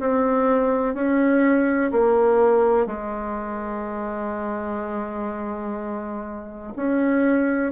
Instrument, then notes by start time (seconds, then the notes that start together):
bassoon
0.00 C4
0.95 C#4
1.92 A#3
2.86 G#3
6.76 C#4